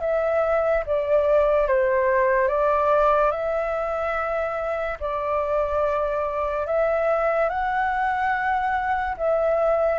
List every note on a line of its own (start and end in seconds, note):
0.00 0.83 E5
0.86 1.67 D5
1.67 2.48 C5
2.48 3.31 D5
3.31 4.98 E5
5.00 6.66 D5
6.66 7.49 E5
7.49 9.16 F#5
9.17 9.99 E5